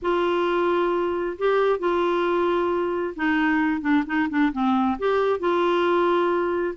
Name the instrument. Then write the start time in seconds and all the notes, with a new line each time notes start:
clarinet
0.01 F4
1.38 G4
1.79 F4
3.15 D#4
3.81 D4
4.06 D#4
4.29 D4
4.52 C4
4.98 G4
5.39 F4